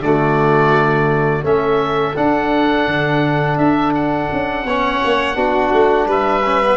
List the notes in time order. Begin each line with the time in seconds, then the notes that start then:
0.00 D3 A3 F#4 D5
1.43 A3 C#4 A4 E5
2.16 D4 F#5
2.87 D3
3.57 D4 E5
3.95 F#5
4.33 C#4
4.65 B3 C#4 C#5
5.05 A#3
5.35 B3 D4 F#4
5.73 A3
6.07 G3 B4 E5
6.46 C#4
6.63 B3